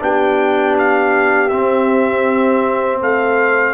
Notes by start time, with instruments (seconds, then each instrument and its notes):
0.00 tuba B3, trombone D4, horn G4, trumpet G5
0.78 trumpet F5
1.49 trombone C4, tuba C4, trumpet E5
3.01 tuba A3, horn A4, trumpet F5